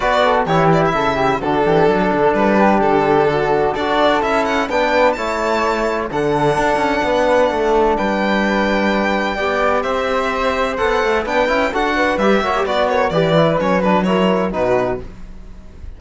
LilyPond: <<
  \new Staff \with { instrumentName = "violin" } { \time 4/4 \tempo 4 = 128 d''4 cis''8 d''16 e''4~ e''16 a'4~ | a'4 b'4 a'2 | d''4 e''8 fis''8 g''4 a''4~ | a''4 fis''2.~ |
fis''4 g''2.~ | g''4 e''2 fis''4 | g''4 fis''4 e''4 d''8 cis''8 | d''4 cis''8 b'8 cis''4 b'4 | }
  \new Staff \with { instrumentName = "flute" } { \time 4/4 b'8 a'8 g'4 a'8 g'8 fis'8 g'8 | a'4. g'4. fis'4 | a'2 b'4 cis''4~ | cis''4 a'2 b'4 |
a'4 b'2. | d''4 c''2. | b'4 a'8 b'4 cis''8 b'8 ais'8 | b'2 ais'4 fis'4 | }
  \new Staff \with { instrumentName = "trombone" } { \time 4/4 fis'4 e'2 d'4~ | d'1 | fis'4 e'4 d'4 e'4~ | e'4 d'2.~ |
d'1 | g'2. a'4 | d'8 e'8 fis'4 g'8 fis'16 g'16 fis'4 | g'8 e'8 cis'8 d'8 e'4 dis'4 | }
  \new Staff \with { instrumentName = "cello" } { \time 4/4 b4 e4 cis4 d8 e8 | fis8 d8 g4 d2 | d'4 cis'4 b4 a4~ | a4 d4 d'8 cis'8 b4 |
a4 g2. | b4 c'2 b8 a8 | b8 cis'8 d'4 g8 ais8 b4 | e4 fis2 b,4 | }
>>